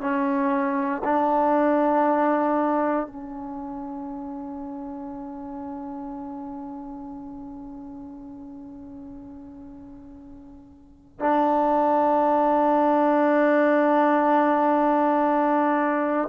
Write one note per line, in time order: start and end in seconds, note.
0.00 1.02 C#4
1.04 3.07 D4
3.07 11.20 C#4
11.20 16.28 D4